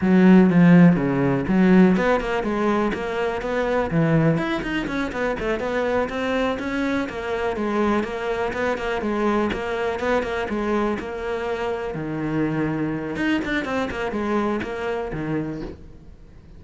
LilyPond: \new Staff \with { instrumentName = "cello" } { \time 4/4 \tempo 4 = 123 fis4 f4 cis4 fis4 | b8 ais8 gis4 ais4 b4 | e4 e'8 dis'8 cis'8 b8 a8 b8~ | b8 c'4 cis'4 ais4 gis8~ |
gis8 ais4 b8 ais8 gis4 ais8~ | ais8 b8 ais8 gis4 ais4.~ | ais8 dis2~ dis8 dis'8 d'8 | c'8 ais8 gis4 ais4 dis4 | }